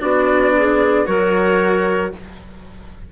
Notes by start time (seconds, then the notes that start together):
0.00 B3 D4 F#4 D5
0.56 G#4
1.05 F#3 F#4 A#4 C#5